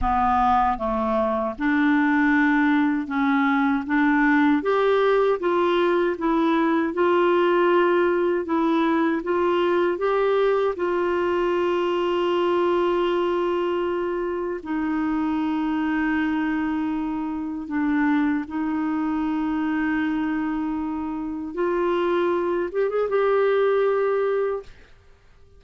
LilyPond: \new Staff \with { instrumentName = "clarinet" } { \time 4/4 \tempo 4 = 78 b4 a4 d'2 | cis'4 d'4 g'4 f'4 | e'4 f'2 e'4 | f'4 g'4 f'2~ |
f'2. dis'4~ | dis'2. d'4 | dis'1 | f'4. g'16 gis'16 g'2 | }